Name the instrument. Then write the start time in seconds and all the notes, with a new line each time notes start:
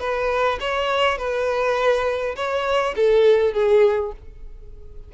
violin
0.00 B4
0.60 C#5
1.18 B4
2.36 C#5
2.96 A4
3.53 G#4